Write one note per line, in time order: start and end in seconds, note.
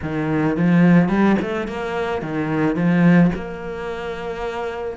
0.02 0.56 D#3
0.56 1.08 F3
1.08 1.36 G3
1.41 1.67 A3
1.67 2.21 A#3
2.21 2.75 D#3
2.75 3.31 F3
3.35 4.97 A#3